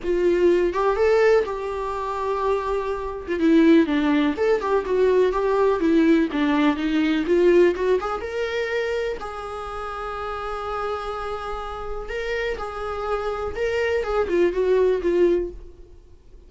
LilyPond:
\new Staff \with { instrumentName = "viola" } { \time 4/4 \tempo 4 = 124 f'4. g'8 a'4 g'4~ | g'2~ g'8. f'16 e'4 | d'4 a'8 g'8 fis'4 g'4 | e'4 d'4 dis'4 f'4 |
fis'8 gis'8 ais'2 gis'4~ | gis'1~ | gis'4 ais'4 gis'2 | ais'4 gis'8 f'8 fis'4 f'4 | }